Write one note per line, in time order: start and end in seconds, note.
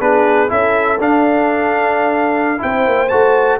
0.00 0.50 B3
0.00 0.49 D4
0.00 0.50 G#4
0.00 0.50 B4
0.49 0.99 C#4
0.49 0.98 E4
0.49 2.61 A4
0.49 1.00 E5
0.99 2.61 D4
0.99 2.58 D4
0.99 2.62 F5
2.58 2.87 C4
2.58 3.07 E4
2.58 3.60 C5
2.58 3.09 G5
2.87 3.12 A#3
3.09 3.60 A3
3.09 3.60 F#4
3.09 3.58 A5